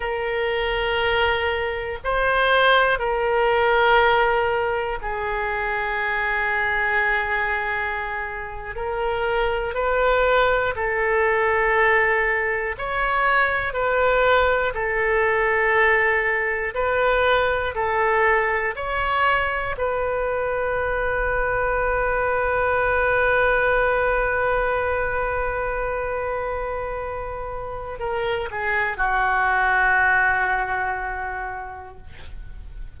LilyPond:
\new Staff \with { instrumentName = "oboe" } { \time 4/4 \tempo 4 = 60 ais'2 c''4 ais'4~ | ais'4 gis'2.~ | gis'8. ais'4 b'4 a'4~ a'16~ | a'8. cis''4 b'4 a'4~ a'16~ |
a'8. b'4 a'4 cis''4 b'16~ | b'1~ | b'1 | ais'8 gis'8 fis'2. | }